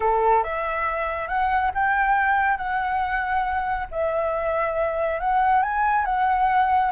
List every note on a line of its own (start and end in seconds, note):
0.00 0.43 A4
0.43 1.28 E5
1.28 1.71 F#5
1.74 2.57 G5
2.57 3.86 F#5
3.91 5.20 E5
5.20 5.62 F#5
5.62 6.05 G#5
6.05 6.91 F#5